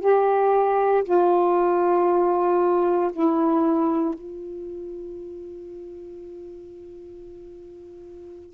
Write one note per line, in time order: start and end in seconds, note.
0.00 1.03 G4
1.04 3.11 F4
3.13 4.14 E4
4.14 8.54 F4